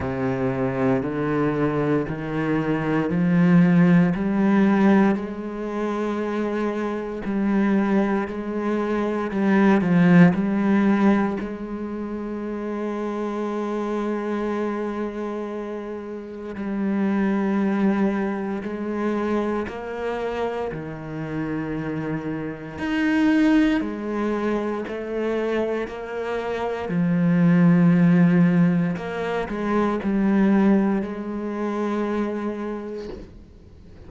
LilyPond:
\new Staff \with { instrumentName = "cello" } { \time 4/4 \tempo 4 = 58 c4 d4 dis4 f4 | g4 gis2 g4 | gis4 g8 f8 g4 gis4~ | gis1 |
g2 gis4 ais4 | dis2 dis'4 gis4 | a4 ais4 f2 | ais8 gis8 g4 gis2 | }